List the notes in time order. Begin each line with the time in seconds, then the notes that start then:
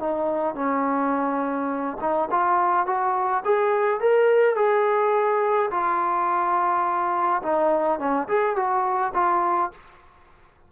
0.00 D#4
0.55 C#4
2.01 D#4
2.31 F4
2.86 F#4
3.45 G#4
4.01 A#4
4.56 G#4
5.71 F4
7.43 D#4
7.99 C#4
8.28 G#4
8.56 F#4
9.14 F4